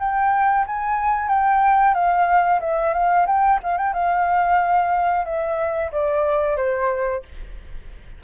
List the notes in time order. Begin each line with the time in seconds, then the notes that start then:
0.00 G5
0.67 G#5
1.29 G5
1.95 F5
2.61 E5
2.94 F5
3.27 G5
3.63 F5
3.78 G5
3.94 F5
5.26 E5
5.92 D5
6.57 C5